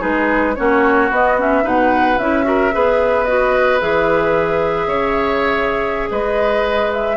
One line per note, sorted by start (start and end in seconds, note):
0.00 0.57 G#3
0.00 0.54 D#4
0.00 0.54 G#4
0.00 0.55 B4
0.55 1.11 A#3
0.55 1.11 C#4
0.55 1.64 F#4
0.55 1.09 C#5
1.11 1.65 B3
1.11 1.39 B3
1.11 1.40 D#5
1.39 1.63 C#4
1.39 1.67 E5
1.63 2.19 B2
1.63 2.17 D#4
1.63 2.45 B4
1.63 2.18 F#5
2.18 2.73 C#4
2.18 2.44 E4
2.18 3.25 E5
2.44 2.71 F#4
2.44 2.74 A#4
2.72 3.82 B3
2.72 3.26 G#4
2.72 4.88 B4
3.25 3.80 F#4
3.25 3.79 D#5
3.80 4.86 E3
3.80 7.17 G#4
3.80 6.10 E5
4.86 6.08 C#3
4.86 6.09 C#5
6.11 7.17 G#3
6.11 7.17 B4
6.11 6.92 D#5
6.93 7.17 E5